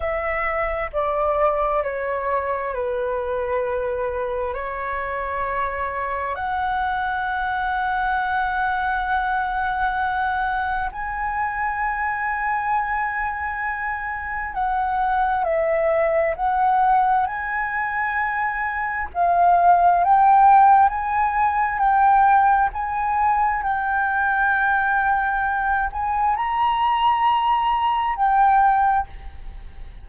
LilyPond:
\new Staff \with { instrumentName = "flute" } { \time 4/4 \tempo 4 = 66 e''4 d''4 cis''4 b'4~ | b'4 cis''2 fis''4~ | fis''1 | gis''1 |
fis''4 e''4 fis''4 gis''4~ | gis''4 f''4 g''4 gis''4 | g''4 gis''4 g''2~ | g''8 gis''8 ais''2 g''4 | }